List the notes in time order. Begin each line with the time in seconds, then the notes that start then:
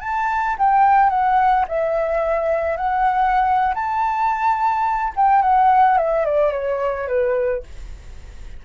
0.00 A5
0.58 G5
1.10 F#5
1.68 E5
2.77 F#5
3.74 A5
5.16 G5
5.42 F#5
5.97 E5
6.25 D5
6.52 C#5
7.07 B4